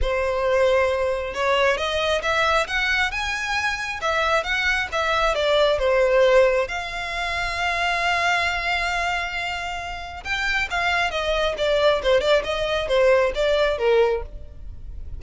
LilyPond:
\new Staff \with { instrumentName = "violin" } { \time 4/4 \tempo 4 = 135 c''2. cis''4 | dis''4 e''4 fis''4 gis''4~ | gis''4 e''4 fis''4 e''4 | d''4 c''2 f''4~ |
f''1~ | f''2. g''4 | f''4 dis''4 d''4 c''8 d''8 | dis''4 c''4 d''4 ais'4 | }